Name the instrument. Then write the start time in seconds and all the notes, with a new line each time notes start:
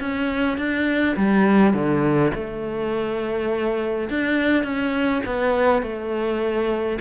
cello
0.00 C#4
0.57 D4
1.17 G3
1.73 D3
2.34 A3
4.09 D4
4.64 C#4
5.25 B3
5.82 A3